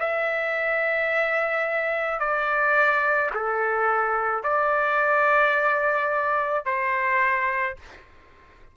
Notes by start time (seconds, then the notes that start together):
0.00 E5
2.20 D5
3.34 A4
4.43 D5
6.66 C5